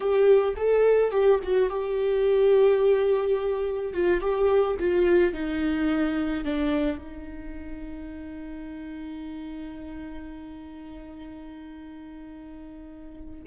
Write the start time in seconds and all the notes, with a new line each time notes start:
0.00 G4
0.56 A4
1.11 G4
1.43 F#4
1.69 G4
3.93 F4
4.20 G4
4.79 F4
5.33 D#4
6.44 D4
6.98 D#4